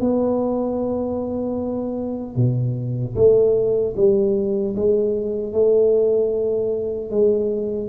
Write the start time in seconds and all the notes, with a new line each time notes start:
0.00 B3
2.36 B2
3.15 A3
3.96 G3
4.75 G#3
5.52 A3
7.11 G#3